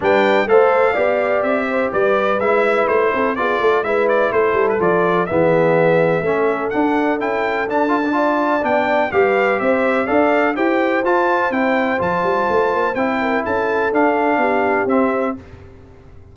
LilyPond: <<
  \new Staff \with { instrumentName = "trumpet" } { \time 4/4 \tempo 4 = 125 g''4 f''2 e''4 | d''4 e''4 c''4 d''4 | e''8 d''8 c''8. b'16 d''4 e''4~ | e''2 fis''4 g''4 |
a''2 g''4 f''4 | e''4 f''4 g''4 a''4 | g''4 a''2 g''4 | a''4 f''2 e''4 | }
  \new Staff \with { instrumentName = "horn" } { \time 4/4 b'4 c''4 d''4. c''8 | b'2~ b'8 a'8 gis'8 a'8 | b'4 a'2 gis'4~ | gis'4 a'2.~ |
a'4 d''2 b'4 | c''4 d''4 c''2~ | c''2.~ c''8 ais'8 | a'2 g'2 | }
  \new Staff \with { instrumentName = "trombone" } { \time 4/4 d'4 a'4 g'2~ | g'4 e'2 f'4 | e'2 f'4 b4~ | b4 cis'4 d'4 e'4 |
d'8 f'16 d'16 f'4 d'4 g'4~ | g'4 a'4 g'4 f'4 | e'4 f'2 e'4~ | e'4 d'2 c'4 | }
  \new Staff \with { instrumentName = "tuba" } { \time 4/4 g4 a4 b4 c'4 | g4 gis4 a8 c'8 b8 a8 | gis4 a8 g8 f4 e4~ | e4 a4 d'4 cis'4 |
d'2 b4 g4 | c'4 d'4 e'4 f'4 | c'4 f8 g8 a8 ais8 c'4 | cis'4 d'4 b4 c'4 | }
>>